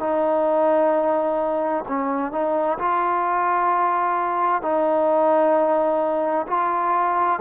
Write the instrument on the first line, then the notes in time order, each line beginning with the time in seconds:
trombone
0.00 D#4
1.89 C#4
2.32 D#4
2.79 F4
4.62 D#4
6.48 F4